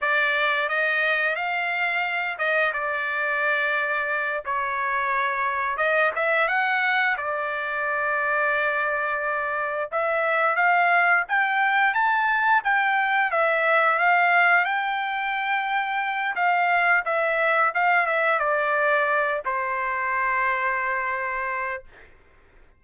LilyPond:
\new Staff \with { instrumentName = "trumpet" } { \time 4/4 \tempo 4 = 88 d''4 dis''4 f''4. dis''8 | d''2~ d''8 cis''4.~ | cis''8 dis''8 e''8 fis''4 d''4.~ | d''2~ d''8 e''4 f''8~ |
f''8 g''4 a''4 g''4 e''8~ | e''8 f''4 g''2~ g''8 | f''4 e''4 f''8 e''8 d''4~ | d''8 c''2.~ c''8 | }